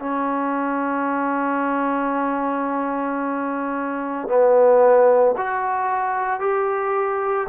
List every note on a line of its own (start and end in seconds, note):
0.00 4.29 C#4
4.29 5.36 B3
5.38 6.40 F#4
6.40 7.48 G4